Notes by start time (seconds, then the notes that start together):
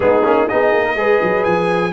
0.00 G#3 B3 D#4 G#4
0.24 A#3 C#4
0.48 B3 D#4 G#4 D#5
0.72 A#3
0.84 A#4
0.95 G#3 G#4 B4
1.22 F#3
1.44 F3 G#5